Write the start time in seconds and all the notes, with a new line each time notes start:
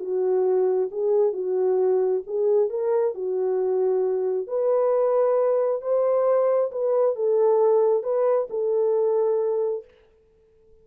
0.00 F#4
0.92 G#4
1.33 F#4
2.27 G#4
2.70 A#4
3.15 F#4
4.48 B4
5.82 C5
6.72 B4
7.16 A4
8.04 B4
8.50 A4